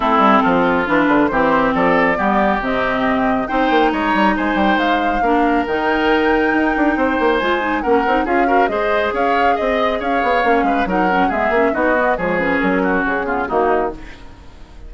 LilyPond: <<
  \new Staff \with { instrumentName = "flute" } { \time 4/4 \tempo 4 = 138 a'2 b'4 c''4 | d''2 dis''2 | g''4 ais''4 gis''8 g''8 f''4~ | f''4 g''2.~ |
g''4 gis''4 fis''4 f''4 | dis''4 f''4 dis''4 f''4~ | f''4 fis''4 e''4 dis''4 | cis''8 b'8 ais'4 gis'4 fis'4 | }
  \new Staff \with { instrumentName = "oboe" } { \time 4/4 e'4 f'2 g'4 | a'4 g'2. | c''4 cis''4 c''2 | ais'1 |
c''2 ais'4 gis'8 ais'8 | c''4 cis''4 dis''4 cis''4~ | cis''8 b'8 ais'4 gis'4 fis'4 | gis'4. fis'4 f'8 dis'4 | }
  \new Staff \with { instrumentName = "clarinet" } { \time 4/4 c'2 d'4 c'4~ | c'4 b4 c'2 | dis'1 | d'4 dis'2.~ |
dis'4 f'8 dis'8 cis'8 dis'8 f'8 fis'8 | gis'1 | cis'4 dis'8 cis'8 b8 cis'8 dis'8 b8 | gis8 cis'2 b8 ais4 | }
  \new Staff \with { instrumentName = "bassoon" } { \time 4/4 a8 g8 f4 e8 d8 e4 | f4 g4 c2 | c'8 ais8 gis8 g8 gis8 g8 gis4 | ais4 dis2 dis'8 d'8 |
c'8 ais8 gis4 ais8 c'8 cis'4 | gis4 cis'4 c'4 cis'8 b8 | ais8 gis8 fis4 gis8 ais8 b4 | f4 fis4 cis4 dis4 | }
>>